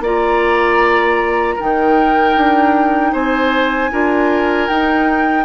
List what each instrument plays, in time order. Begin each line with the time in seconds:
0.00 bassoon A#3, clarinet F4, oboe D5, flute A#5
1.55 bassoon D#3, clarinet D#4, oboe A#4, flute G5
2.36 bassoon D4
3.12 bassoon C4, oboe C5, flute G#5
3.91 bassoon D4, clarinet F4, oboe A#4
4.69 bassoon D#4, clarinet D#4, flute G5